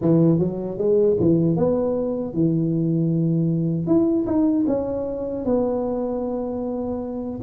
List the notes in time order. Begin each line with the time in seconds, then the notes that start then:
0.01 E3
0.39 F#3
0.78 G#3
1.19 E3
1.56 B3
2.33 E3
3.86 E4
4.26 D#4
4.67 C#4
5.45 B3